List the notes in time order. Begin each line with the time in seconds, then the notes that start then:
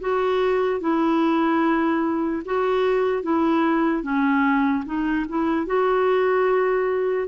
0.00 F#4
0.80 E4
2.45 F#4
3.22 E4
4.02 C#4
4.85 D#4
5.29 E4
5.66 F#4